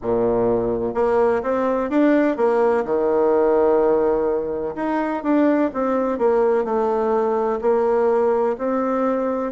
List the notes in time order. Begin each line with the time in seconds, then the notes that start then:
0.02 A#2
0.94 A#3
1.42 C4
1.90 D4
2.36 A#3
2.84 D#3
4.75 D#4
5.23 D4
5.73 C4
6.18 A#3
6.64 A3
7.61 A#3
8.58 C4